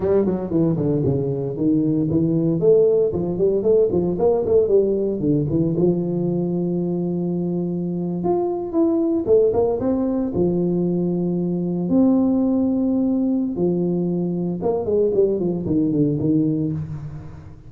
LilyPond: \new Staff \with { instrumentName = "tuba" } { \time 4/4 \tempo 4 = 115 g8 fis8 e8 d8 cis4 dis4 | e4 a4 f8 g8 a8 f8 | ais8 a8 g4 d8 e8 f4~ | f2.~ f8. f'16~ |
f'8. e'4 a8 ais8 c'4 f16~ | f2~ f8. c'4~ c'16~ | c'2 f2 | ais8 gis8 g8 f8 dis8 d8 dis4 | }